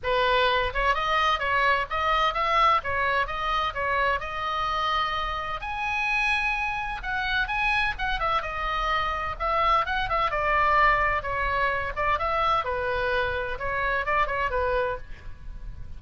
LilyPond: \new Staff \with { instrumentName = "oboe" } { \time 4/4 \tempo 4 = 128 b'4. cis''8 dis''4 cis''4 | dis''4 e''4 cis''4 dis''4 | cis''4 dis''2. | gis''2. fis''4 |
gis''4 fis''8 e''8 dis''2 | e''4 fis''8 e''8 d''2 | cis''4. d''8 e''4 b'4~ | b'4 cis''4 d''8 cis''8 b'4 | }